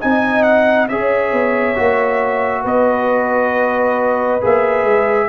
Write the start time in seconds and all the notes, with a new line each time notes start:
0.00 C4 D#4 D#5 G#5
0.43 F#5
0.88 C#4 G#4 C#5 E5
1.33 B3
1.76 A#3 F#4
2.62 B3 B4 D#5
4.41 A#3 G#4 E5
4.84 G#3